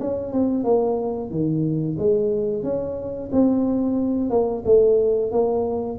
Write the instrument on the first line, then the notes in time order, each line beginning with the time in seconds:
tuba
0.00 C#4
0.33 C4
0.64 A#3
1.31 D#3
1.99 G#3
2.64 C#4
3.32 C4
4.30 A#3
4.66 A3
5.32 A#3